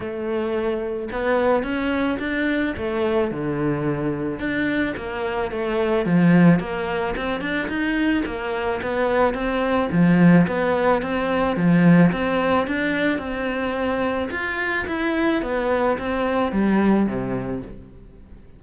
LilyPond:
\new Staff \with { instrumentName = "cello" } { \time 4/4 \tempo 4 = 109 a2 b4 cis'4 | d'4 a4 d2 | d'4 ais4 a4 f4 | ais4 c'8 d'8 dis'4 ais4 |
b4 c'4 f4 b4 | c'4 f4 c'4 d'4 | c'2 f'4 e'4 | b4 c'4 g4 c4 | }